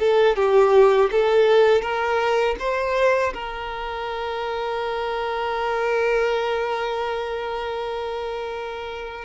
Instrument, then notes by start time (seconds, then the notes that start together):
violin
0.00 A4
0.36 G4
1.11 A4
1.82 A#4
2.60 C5
3.34 A#4